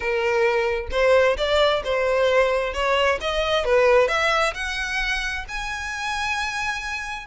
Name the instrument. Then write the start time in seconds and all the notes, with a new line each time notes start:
violin
0.00 A#4
0.91 C5
1.37 D5
1.84 C5
2.73 C#5
3.20 D#5
3.64 B4
4.08 E5
4.54 F#5
5.48 G#5